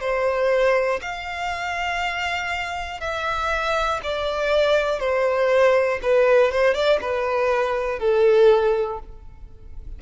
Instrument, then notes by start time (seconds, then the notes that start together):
violin
0.00 C5
1.01 F5
3.00 E5
4.03 D5
5.00 C5
6.02 B4
6.51 C5
6.74 D5
7.00 B4
7.99 A4